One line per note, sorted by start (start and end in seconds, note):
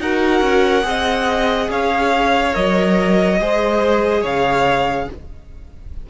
0.00 0.41 D#4
0.00 0.83 F#4
0.00 0.87 A#4
0.00 1.70 F#5
0.41 0.84 C#4
0.83 1.69 C4
0.83 2.52 G#4
0.83 1.71 D#5
1.70 2.54 C#4
1.70 3.40 C#5
1.70 2.55 F5
2.53 3.40 F#3
2.53 3.38 A#4
2.53 4.24 D#5
3.40 4.24 G#3
3.40 5.10 G#4
3.40 4.22 C5
4.22 5.08 C#3
4.22 5.07 C#5
4.22 5.10 F5